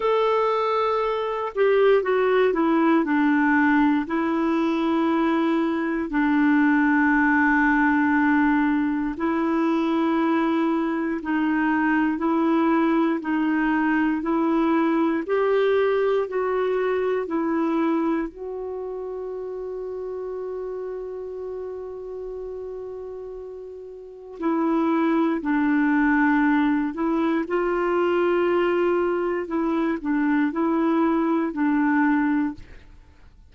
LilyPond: \new Staff \with { instrumentName = "clarinet" } { \time 4/4 \tempo 4 = 59 a'4. g'8 fis'8 e'8 d'4 | e'2 d'2~ | d'4 e'2 dis'4 | e'4 dis'4 e'4 g'4 |
fis'4 e'4 fis'2~ | fis'1 | e'4 d'4. e'8 f'4~ | f'4 e'8 d'8 e'4 d'4 | }